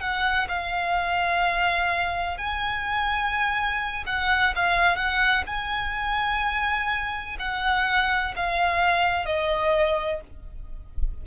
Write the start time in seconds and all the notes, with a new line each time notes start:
0.00 F#5
0.48 F5
2.37 G#5
4.06 F#5
4.55 F5
4.96 F#5
5.46 G#5
7.39 F#5
8.36 F5
9.26 D#5